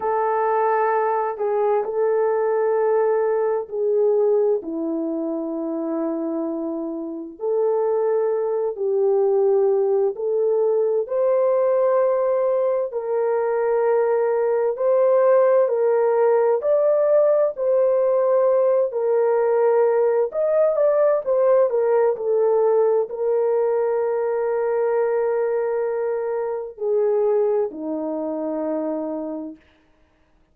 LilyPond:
\new Staff \with { instrumentName = "horn" } { \time 4/4 \tempo 4 = 65 a'4. gis'8 a'2 | gis'4 e'2. | a'4. g'4. a'4 | c''2 ais'2 |
c''4 ais'4 d''4 c''4~ | c''8 ais'4. dis''8 d''8 c''8 ais'8 | a'4 ais'2.~ | ais'4 gis'4 dis'2 | }